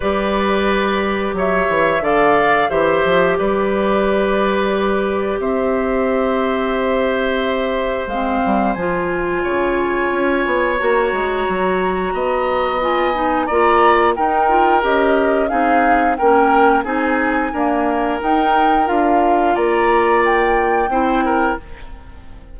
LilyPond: <<
  \new Staff \with { instrumentName = "flute" } { \time 4/4 \tempo 4 = 89 d''2 e''4 f''4 | e''4 d''2. | e''1 | f''4 gis''2. |
ais''2. gis''4 | ais''4 g''4 dis''4 f''4 | g''4 gis''2 g''4 | f''4 ais''4 g''2 | }
  \new Staff \with { instrumentName = "oboe" } { \time 4/4 b'2 cis''4 d''4 | c''4 b'2. | c''1~ | c''2 cis''2~ |
cis''2 dis''2 | d''4 ais'2 gis'4 | ais'4 gis'4 ais'2~ | ais'4 d''2 c''8 ais'8 | }
  \new Staff \with { instrumentName = "clarinet" } { \time 4/4 g'2. a'4 | g'1~ | g'1 | c'4 f'2. |
fis'2. f'8 dis'8 | f'4 dis'8 f'8 g'4 dis'4 | cis'4 dis'4 ais4 dis'4 | f'2. e'4 | }
  \new Staff \with { instrumentName = "bassoon" } { \time 4/4 g2 fis8 e8 d4 | e8 f8 g2. | c'1 | gis8 g8 f4 cis4 cis'8 b8 |
ais8 gis8 fis4 b2 | ais4 dis'4 cis'4 c'4 | ais4 c'4 d'4 dis'4 | d'4 ais2 c'4 | }
>>